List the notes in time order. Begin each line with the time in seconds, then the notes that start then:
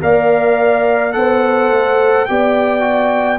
0.00 A#3 A#4 D5 F5
1.12 B3 A4 C5 F#5
1.70 A3
2.25 B3 G4 D5 G5
2.80 F#4